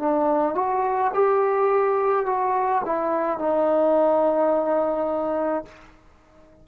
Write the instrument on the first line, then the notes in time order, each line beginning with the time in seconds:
trombone
0.00 D4
0.55 F#4
1.14 G4
2.26 F#4
2.86 E4
3.39 D#4